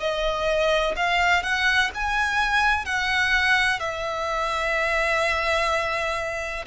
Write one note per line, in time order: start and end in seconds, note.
0.00 0.95 D#5
0.96 1.43 F5
1.43 1.90 F#5
1.94 2.85 G#5
2.85 3.80 F#5
3.80 6.65 E5